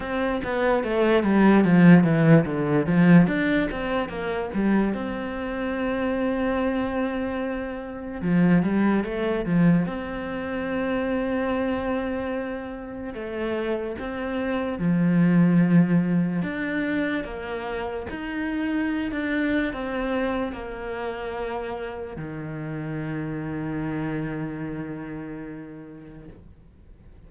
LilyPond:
\new Staff \with { instrumentName = "cello" } { \time 4/4 \tempo 4 = 73 c'8 b8 a8 g8 f8 e8 d8 f8 | d'8 c'8 ais8 g8 c'2~ | c'2 f8 g8 a8 f8 | c'1 |
a4 c'4 f2 | d'4 ais4 dis'4~ dis'16 d'8. | c'4 ais2 dis4~ | dis1 | }